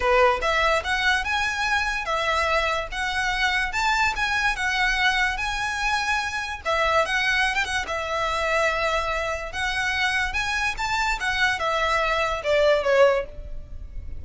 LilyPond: \new Staff \with { instrumentName = "violin" } { \time 4/4 \tempo 4 = 145 b'4 e''4 fis''4 gis''4~ | gis''4 e''2 fis''4~ | fis''4 a''4 gis''4 fis''4~ | fis''4 gis''2. |
e''4 fis''4~ fis''16 g''16 fis''8 e''4~ | e''2. fis''4~ | fis''4 gis''4 a''4 fis''4 | e''2 d''4 cis''4 | }